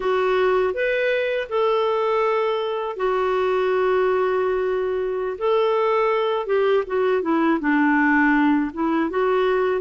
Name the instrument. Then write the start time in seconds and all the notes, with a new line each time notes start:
clarinet
0.00 F#4
0.73 B4
1.49 A4
2.96 F#4
5.37 A4
6.46 G4
6.87 F#4
7.22 E4
7.60 D4
8.73 E4
9.09 F#4